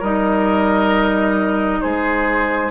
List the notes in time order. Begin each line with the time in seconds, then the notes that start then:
0.00 G3 D#4 A#4 D#5
1.82 G#3 G#4 C5